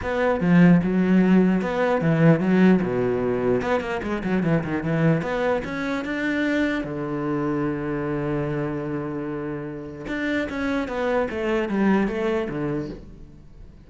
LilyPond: \new Staff \with { instrumentName = "cello" } { \time 4/4 \tempo 4 = 149 b4 f4 fis2 | b4 e4 fis4 b,4~ | b,4 b8 ais8 gis8 fis8 e8 dis8 | e4 b4 cis'4 d'4~ |
d'4 d2.~ | d1~ | d4 d'4 cis'4 b4 | a4 g4 a4 d4 | }